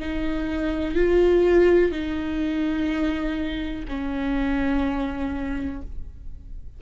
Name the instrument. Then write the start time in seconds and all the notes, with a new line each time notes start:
viola
0.00 D#4
0.95 F4
1.92 D#4
3.88 C#4